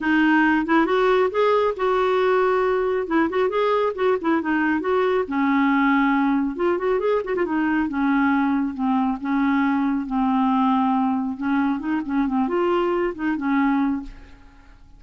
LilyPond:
\new Staff \with { instrumentName = "clarinet" } { \time 4/4 \tempo 4 = 137 dis'4. e'8 fis'4 gis'4 | fis'2. e'8 fis'8 | gis'4 fis'8 e'8 dis'4 fis'4 | cis'2. f'8 fis'8 |
gis'8 fis'16 f'16 dis'4 cis'2 | c'4 cis'2 c'4~ | c'2 cis'4 dis'8 cis'8 | c'8 f'4. dis'8 cis'4. | }